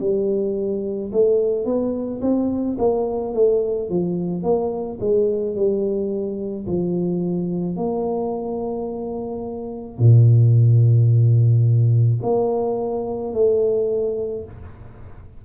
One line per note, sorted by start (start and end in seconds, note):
0.00 1.11 G3
1.12 1.65 A3
1.65 2.21 B3
2.21 2.77 C4
2.78 3.34 A#3
3.34 3.89 A3
3.89 4.43 F3
4.43 4.98 A#3
5.00 5.55 G#3
5.55 6.66 G3
6.67 7.76 F3
7.76 9.98 A#3
9.98 12.21 A#2
12.22 13.33 A#3
13.33 14.44 A3